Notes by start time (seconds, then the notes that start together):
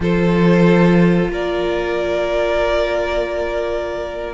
0.00 F3 F4 A4 C5
1.28 A#3 A#4 D5